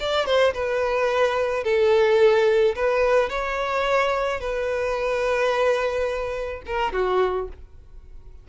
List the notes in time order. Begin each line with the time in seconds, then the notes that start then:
0.00 D5
0.26 C5
0.54 B4
1.64 A4
2.75 B4
3.30 C#5
4.40 B4
6.66 A#4
6.93 F#4